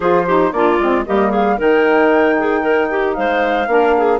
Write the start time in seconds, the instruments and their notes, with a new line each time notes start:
0.00 bassoon F3, saxophone F4, clarinet G#4, flute C5
0.26 saxophone D#4, clarinet G4
0.52 bassoon A#3, saxophone D4, clarinet F4, flute D5
0.79 bassoon G#3, saxophone C4
1.05 bassoon G3, saxophone A#3, clarinet G4, flute D#5
1.29 clarinet G#4, flute F5
1.57 bassoon D#3, saxophone D#4, clarinet A#4, flute G5
2.38 clarinet G#4
2.61 clarinet A#4
2.90 clarinet G4
3.13 bassoon G#3, clarinet C5, flute F5
3.67 bassoon A#3, saxophone D4, clarinet A#4
3.97 clarinet G#4